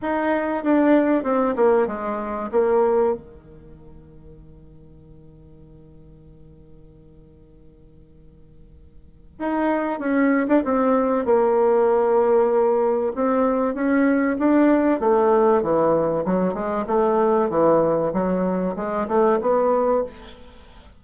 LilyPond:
\new Staff \with { instrumentName = "bassoon" } { \time 4/4 \tempo 4 = 96 dis'4 d'4 c'8 ais8 gis4 | ais4 dis2.~ | dis1~ | dis2. dis'4 |
cis'8. d'16 c'4 ais2~ | ais4 c'4 cis'4 d'4 | a4 e4 fis8 gis8 a4 | e4 fis4 gis8 a8 b4 | }